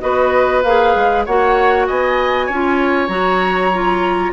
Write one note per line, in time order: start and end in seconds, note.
0.00 0.64 B3
0.00 0.62 F#4
0.00 1.26 B4
0.00 0.62 D#5
0.63 0.95 A#3
0.63 1.28 G#4
0.63 1.24 F5
0.95 1.26 G#3
1.25 1.89 A#3
1.25 2.52 F#4
1.25 1.87 C#5
1.25 1.87 F#5
1.87 2.49 B3
1.87 2.46 D#5
1.87 3.08 G#5
2.46 3.08 C#4
2.46 4.32 C#5
2.52 3.09 F4
3.08 4.32 F#3
3.08 3.71 F#4
3.08 4.32 A#5
3.73 4.33 F4